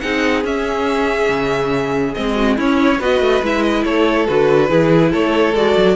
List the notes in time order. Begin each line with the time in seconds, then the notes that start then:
0.00 C4 D#4 G#4 F#5
0.44 C#4 E5
1.29 C#3
2.14 G#3 C4 D#5
2.35 F#4
2.56 C#4 E4 C#5
2.98 B3 F#4 B4 D#5
3.20 A3
3.42 G#3 E4 E5
3.62 D#5
3.84 A3 A4 C#5
4.27 D3 F#4 B4
4.68 E3 E4 G#4
5.12 A3 A4 C#5
5.54 G#3 F#4 D5
5.76 F#3